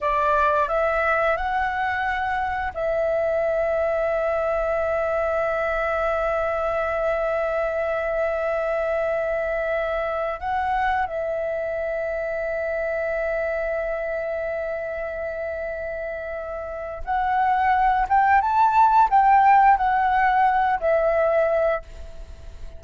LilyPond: \new Staff \with { instrumentName = "flute" } { \time 4/4 \tempo 4 = 88 d''4 e''4 fis''2 | e''1~ | e''1~ | e''2.~ e''16 fis''8.~ |
fis''16 e''2.~ e''8.~ | e''1~ | e''4 fis''4. g''8 a''4 | g''4 fis''4. e''4. | }